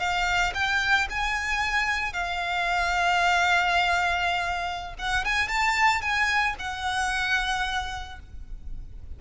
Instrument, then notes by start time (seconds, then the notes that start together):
violin
0.00 F5
0.55 G5
1.10 G#5
2.14 F5
4.99 F#5
5.25 G#5
5.49 A5
6.02 G#5
6.59 F#5